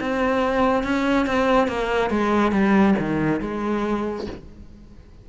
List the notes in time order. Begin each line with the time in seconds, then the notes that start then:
0.00 C4
0.83 C#4
1.26 C4
1.68 A#3
2.10 G#3
2.52 G3
2.98 D#3
3.41 G#3